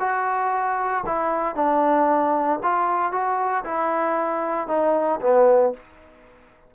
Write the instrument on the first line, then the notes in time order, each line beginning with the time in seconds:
trombone
0.00 F#4
1.06 E4
1.56 D4
2.63 F4
3.12 F#4
3.65 E4
4.68 D#4
5.21 B3